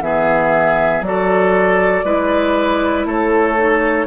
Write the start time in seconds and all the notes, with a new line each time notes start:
0.00 E3 B3 G#4 E5
1.00 F#3 F#4 D5
1.07 A4
2.03 G#3 E4 B4
3.05 A3 A4 C#5
3.56 D#4